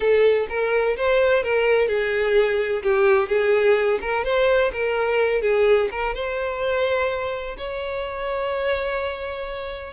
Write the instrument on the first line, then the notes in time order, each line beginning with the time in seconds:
violin
0.00 A4
0.49 A#4
0.96 C5
1.43 A#4
1.88 G#4
2.82 G4
3.28 G#4
4.01 A#4
4.24 C5
4.72 A#4
5.41 G#4
5.91 A#4
6.14 C5
7.57 C#5